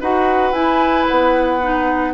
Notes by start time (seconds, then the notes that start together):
0.00 D#4 F#4 B4 F#5
0.52 E4 G#5
1.08 B3 F#5
1.61 D#4